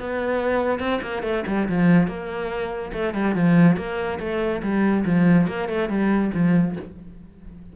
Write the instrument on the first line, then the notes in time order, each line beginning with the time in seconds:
cello
0.00 B3
0.80 C4
1.02 A#3
1.23 A3
1.48 G3
1.69 F3
2.08 A#3
2.93 A3
3.14 G3
3.35 F3
3.77 A#3
4.20 A3
4.63 G3
5.06 F3
5.48 A#3
5.69 A3
5.89 G3
6.34 F3